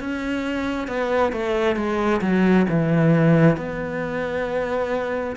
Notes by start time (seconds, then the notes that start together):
0.00 C#4
0.88 B3
1.33 A3
1.76 G#3
2.21 F#3
2.69 E3
3.57 B3